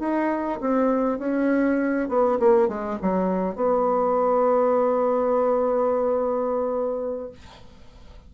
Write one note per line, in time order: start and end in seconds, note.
0.00 0.60 D#4
0.61 1.19 C4
1.19 2.09 C#4
2.09 2.39 B3
2.40 2.69 A#3
2.69 2.99 G#3
3.02 3.56 F#3
3.56 7.31 B3